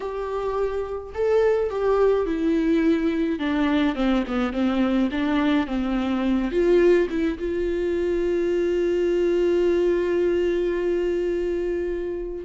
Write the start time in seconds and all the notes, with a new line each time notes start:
0.00 G4
1.14 A4
1.70 G4
2.26 E4
3.39 D4
3.95 C4
4.27 B3
4.52 C4
5.11 D4
5.66 C4
6.51 F4
7.09 E4
7.38 F4